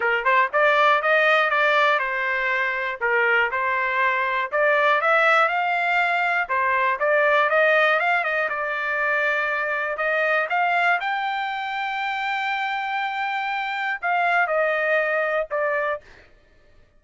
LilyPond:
\new Staff \with { instrumentName = "trumpet" } { \time 4/4 \tempo 4 = 120 ais'8 c''8 d''4 dis''4 d''4 | c''2 ais'4 c''4~ | c''4 d''4 e''4 f''4~ | f''4 c''4 d''4 dis''4 |
f''8 dis''8 d''2. | dis''4 f''4 g''2~ | g''1 | f''4 dis''2 d''4 | }